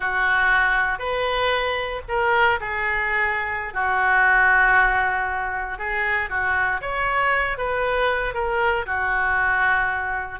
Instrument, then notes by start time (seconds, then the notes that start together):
oboe
0.00 F#4
0.98 B4
2.08 A#4
2.60 G#4
3.73 F#4
5.78 G#4
6.29 F#4
6.81 C#5
7.57 B4
8.34 A#4
8.86 F#4